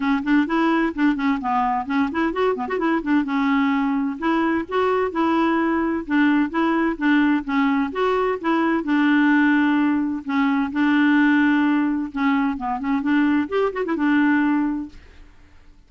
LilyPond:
\new Staff \with { instrumentName = "clarinet" } { \time 4/4 \tempo 4 = 129 cis'8 d'8 e'4 d'8 cis'8 b4 | cis'8 e'8 fis'8 b16 fis'16 e'8 d'8 cis'4~ | cis'4 e'4 fis'4 e'4~ | e'4 d'4 e'4 d'4 |
cis'4 fis'4 e'4 d'4~ | d'2 cis'4 d'4~ | d'2 cis'4 b8 cis'8 | d'4 g'8 fis'16 e'16 d'2 | }